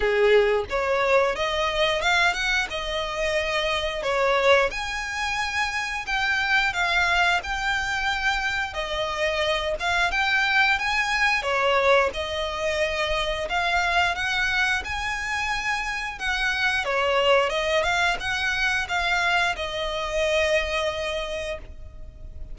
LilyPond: \new Staff \with { instrumentName = "violin" } { \time 4/4 \tempo 4 = 89 gis'4 cis''4 dis''4 f''8 fis''8 | dis''2 cis''4 gis''4~ | gis''4 g''4 f''4 g''4~ | g''4 dis''4. f''8 g''4 |
gis''4 cis''4 dis''2 | f''4 fis''4 gis''2 | fis''4 cis''4 dis''8 f''8 fis''4 | f''4 dis''2. | }